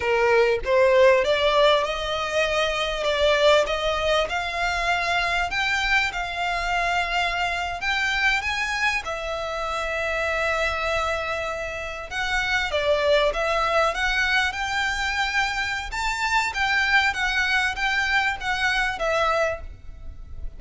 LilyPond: \new Staff \with { instrumentName = "violin" } { \time 4/4 \tempo 4 = 98 ais'4 c''4 d''4 dis''4~ | dis''4 d''4 dis''4 f''4~ | f''4 g''4 f''2~ | f''8. g''4 gis''4 e''4~ e''16~ |
e''2.~ e''8. fis''16~ | fis''8. d''4 e''4 fis''4 g''16~ | g''2 a''4 g''4 | fis''4 g''4 fis''4 e''4 | }